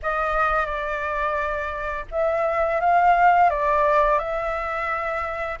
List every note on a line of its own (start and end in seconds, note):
0.02 0.66 D#5
0.66 2.05 D5
2.11 2.80 E5
2.80 3.49 F5
3.49 4.18 D5
4.18 5.58 E5